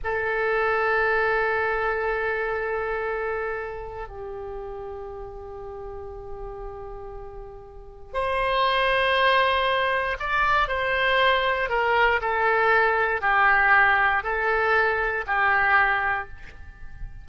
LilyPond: \new Staff \with { instrumentName = "oboe" } { \time 4/4 \tempo 4 = 118 a'1~ | a'1 | g'1~ | g'1 |
c''1 | d''4 c''2 ais'4 | a'2 g'2 | a'2 g'2 | }